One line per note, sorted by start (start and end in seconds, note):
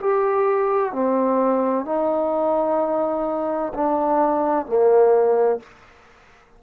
0.00 0.92 G4
0.92 1.85 C4
1.85 3.73 D#4
3.74 4.66 D4
4.66 5.60 A#3